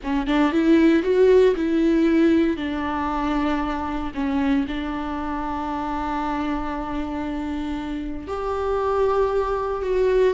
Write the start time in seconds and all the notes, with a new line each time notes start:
0.03 C#4
0.26 D4
0.52 E4
1.03 F#4
1.55 E4
2.57 D4
4.14 C#4
4.67 D4
8.27 G4
9.82 F#4